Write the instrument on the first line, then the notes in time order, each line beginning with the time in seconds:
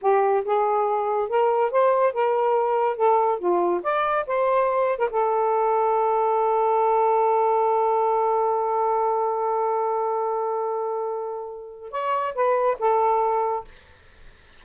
saxophone
0.01 G4
0.44 G#4
1.29 A#4
1.71 C5
2.13 A#4
2.96 A4
3.38 F4
3.83 D5
4.26 C5
4.98 A#4
5.10 A4
11.91 C#5
12.35 B4
12.79 A4